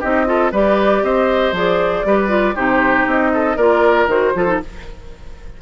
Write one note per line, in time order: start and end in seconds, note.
0.00 0.52 C4
0.00 0.26 D#4
0.00 0.25 G4
0.00 0.52 D#5
0.26 0.51 F4
0.26 0.51 A4
0.51 1.03 G3
0.51 1.55 G4
0.51 1.02 B4
0.51 1.03 D5
1.03 1.52 C4
1.03 2.06 C5
1.03 1.54 D#5
1.52 2.03 F3
1.52 2.05 G#4
1.52 2.56 D5
2.04 2.55 G3
2.04 2.28 G4
2.04 2.55 B4
2.28 2.54 F4
2.55 3.06 C3
2.55 3.57 D#4
2.55 3.31 G4
2.55 3.06 C5
3.06 3.56 C4
3.06 3.57 D#5
3.34 3.56 A4
3.56 4.07 A#3
3.56 4.09 F4
3.56 4.33 A#4
3.56 4.08 D5
4.07 4.32 D#3
4.07 4.35 F#4
4.07 4.60 C5
4.35 4.60 F3
4.35 4.47 F4
4.35 4.62 A4
4.47 4.59 D#4